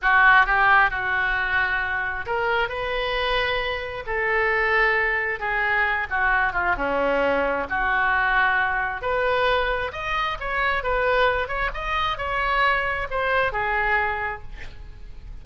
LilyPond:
\new Staff \with { instrumentName = "oboe" } { \time 4/4 \tempo 4 = 133 fis'4 g'4 fis'2~ | fis'4 ais'4 b'2~ | b'4 a'2. | gis'4. fis'4 f'8 cis'4~ |
cis'4 fis'2. | b'2 dis''4 cis''4 | b'4. cis''8 dis''4 cis''4~ | cis''4 c''4 gis'2 | }